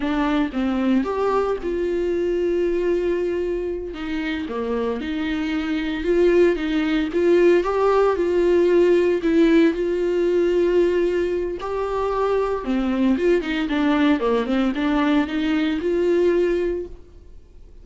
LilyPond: \new Staff \with { instrumentName = "viola" } { \time 4/4 \tempo 4 = 114 d'4 c'4 g'4 f'4~ | f'2.~ f'8 dis'8~ | dis'8 ais4 dis'2 f'8~ | f'8 dis'4 f'4 g'4 f'8~ |
f'4. e'4 f'4.~ | f'2 g'2 | c'4 f'8 dis'8 d'4 ais8 c'8 | d'4 dis'4 f'2 | }